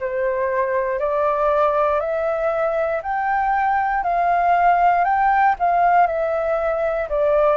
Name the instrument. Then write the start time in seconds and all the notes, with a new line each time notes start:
flute
0.00 C5
1.00 D5
2.00 E5
3.03 G5
4.04 F5
5.05 G5
5.60 F5
6.07 E5
7.10 D5